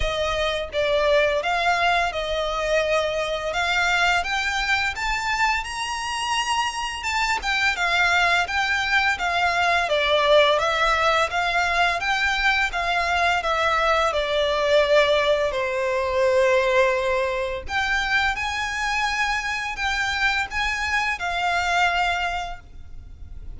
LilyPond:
\new Staff \with { instrumentName = "violin" } { \time 4/4 \tempo 4 = 85 dis''4 d''4 f''4 dis''4~ | dis''4 f''4 g''4 a''4 | ais''2 a''8 g''8 f''4 | g''4 f''4 d''4 e''4 |
f''4 g''4 f''4 e''4 | d''2 c''2~ | c''4 g''4 gis''2 | g''4 gis''4 f''2 | }